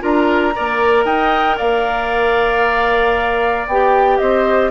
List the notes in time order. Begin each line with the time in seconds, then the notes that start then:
0.00 D4 F4 A#4 A#5
0.55 A#3 A#4 D5
1.05 D#4 D#5 G5
1.57 A#3 D5 F5
3.67 B3 G4 G5
4.18 C4 C5 D#5